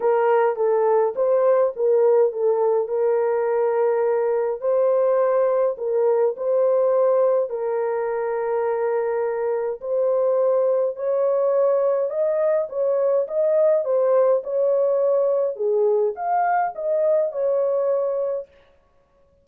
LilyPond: \new Staff \with { instrumentName = "horn" } { \time 4/4 \tempo 4 = 104 ais'4 a'4 c''4 ais'4 | a'4 ais'2. | c''2 ais'4 c''4~ | c''4 ais'2.~ |
ais'4 c''2 cis''4~ | cis''4 dis''4 cis''4 dis''4 | c''4 cis''2 gis'4 | f''4 dis''4 cis''2 | }